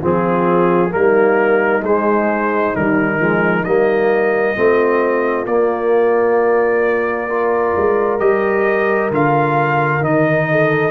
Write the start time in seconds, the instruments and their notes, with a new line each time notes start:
0.00 tuba F3, trombone C4, horn F4, trumpet G#4
0.89 tuba G3, trombone A#3, horn D#4, trumpet A#4
1.81 tuba G#3, trombone G#3, trumpet C5
2.74 tuba D#3, trombone G3, trumpet A#4
3.19 tuba F3, trombone G#3
3.64 tuba G3, trombone A#3, trumpet D#5
4.55 tuba A3, trombone C4, horn F4
5.46 tuba A#3, trombone A#3, trumpet D5
7.27 trombone F4, horn A#4
7.76 tuba G#3
8.19 tuba G3, trombone G4, trumpet D#5
9.10 tuba D3, trombone F4, trumpet F5
10.01 tuba D#3, trombone D#4, trumpet D#5
10.50 horn A4